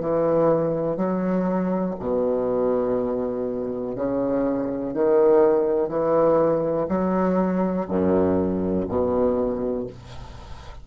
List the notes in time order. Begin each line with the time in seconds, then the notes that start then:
0.00 E3
0.97 F#3
1.99 B2
3.95 C#3
4.94 D#3
5.88 E3
6.89 F#3
7.88 F#2
8.88 B2